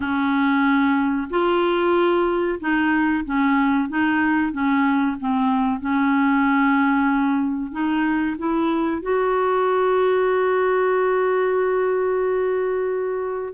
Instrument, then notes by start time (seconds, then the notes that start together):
clarinet
0.00 C#4
1.30 F4
2.60 D#4
3.25 C#4
3.89 D#4
4.52 C#4
5.20 C4
5.79 C#4
7.71 D#4
8.38 E4
9.01 F#4